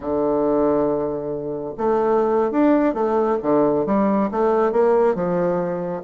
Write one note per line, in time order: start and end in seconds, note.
0.00 1.73 D3
1.77 2.51 A3
2.51 2.93 D4
2.93 3.37 A3
3.42 3.86 D3
3.86 4.29 G3
4.31 4.71 A3
4.71 5.14 A#3
5.14 6.02 F3